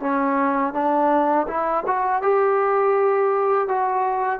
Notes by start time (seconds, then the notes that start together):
0.00 C#4
0.73 D4
1.47 E4
1.87 F#4
2.22 G4
3.68 F#4